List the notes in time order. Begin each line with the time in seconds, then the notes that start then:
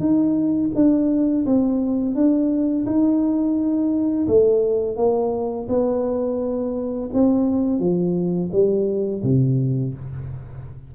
0.00 D#4
0.75 D4
1.46 C4
2.15 D4
2.86 D#4
4.28 A3
4.97 A#3
5.69 B3
7.14 C4
7.80 F3
8.52 G3
9.23 C3